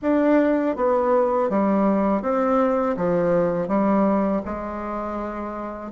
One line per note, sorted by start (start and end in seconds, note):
0.02 0.76 D4
0.76 1.49 B3
1.49 2.22 G3
2.22 2.96 C4
2.96 3.68 F3
3.68 4.42 G3
4.45 5.91 G#3